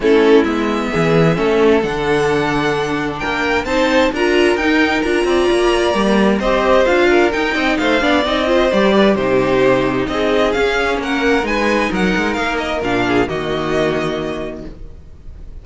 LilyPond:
<<
  \new Staff \with { instrumentName = "violin" } { \time 4/4 \tempo 4 = 131 a'4 e''2. | fis''2. g''4 | a''4 ais''4 g''4 ais''4~ | ais''2 dis''4 f''4 |
g''4 f''4 dis''4 d''4 | c''2 dis''4 f''4 | fis''4 gis''4 fis''4 f''8 dis''8 | f''4 dis''2. | }
  \new Staff \with { instrumentName = "violin" } { \time 4/4 e'2 gis'4 a'4~ | a'2. ais'4 | c''4 ais'2~ ais'8 d''8~ | d''2 c''4. ais'8~ |
ais'8 dis''8 c''8 d''4 c''4 b'8 | g'2 gis'2 | ais'4 b'4 ais'2~ | ais'8 gis'8 fis'2. | }
  \new Staff \with { instrumentName = "viola" } { \time 4/4 cis'4 b2 cis'4 | d'1 | dis'4 f'4 dis'4 f'4~ | f'4 ais4 g'4 f'4 |
dis'4. d'8 dis'8 f'8 g'4 | dis'2. cis'4~ | cis'4 dis'2. | d'4 ais2. | }
  \new Staff \with { instrumentName = "cello" } { \time 4/4 a4 gis4 e4 a4 | d2. ais4 | c'4 d'4 dis'4 d'8 c'8 | ais4 g4 c'4 d'4 |
dis'8 c'8 a8 b8 c'4 g4 | c2 c'4 cis'4 | ais4 gis4 fis8 gis8 ais4 | ais,4 dis2. | }
>>